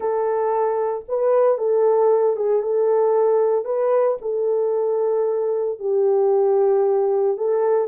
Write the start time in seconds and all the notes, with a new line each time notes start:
0.00 A4
1.08 B4
1.57 A4
2.36 G#4
2.62 A4
3.64 B4
4.21 A4
5.79 G4
7.37 A4